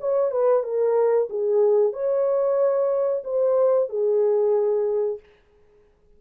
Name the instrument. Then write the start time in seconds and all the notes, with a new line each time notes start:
horn
0.00 C#5
0.31 B4
0.63 A#4
1.30 G#4
1.93 C#5
3.24 C5
3.89 G#4